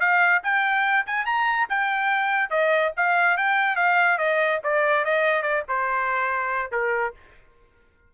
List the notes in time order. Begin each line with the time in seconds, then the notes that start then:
0.00 F5
0.43 G5
1.06 G#5
1.25 A#5
1.69 G5
2.50 D#5
2.97 F5
3.37 G5
3.76 F5
4.18 D#5
4.63 D5
5.05 D#5
5.42 D5
5.68 C5
6.72 A#4